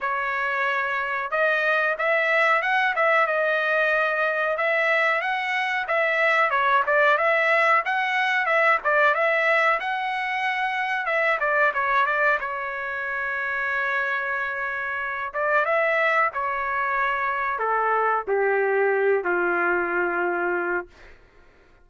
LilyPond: \new Staff \with { instrumentName = "trumpet" } { \time 4/4 \tempo 4 = 92 cis''2 dis''4 e''4 | fis''8 e''8 dis''2 e''4 | fis''4 e''4 cis''8 d''8 e''4 | fis''4 e''8 d''8 e''4 fis''4~ |
fis''4 e''8 d''8 cis''8 d''8 cis''4~ | cis''2.~ cis''8 d''8 | e''4 cis''2 a'4 | g'4. f'2~ f'8 | }